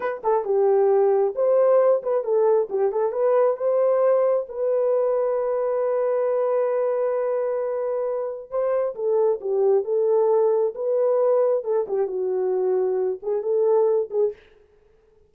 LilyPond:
\new Staff \with { instrumentName = "horn" } { \time 4/4 \tempo 4 = 134 b'8 a'8 g'2 c''4~ | c''8 b'8 a'4 g'8 a'8 b'4 | c''2 b'2~ | b'1~ |
b'2. c''4 | a'4 g'4 a'2 | b'2 a'8 g'8 fis'4~ | fis'4. gis'8 a'4. gis'8 | }